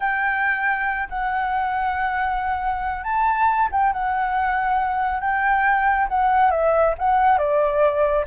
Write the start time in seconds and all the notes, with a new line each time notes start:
0.00 G5
1.09 F#5
3.03 A5
3.71 G5
3.92 F#5
5.20 G5
6.08 F#5
6.50 E5
6.98 F#5
7.38 D5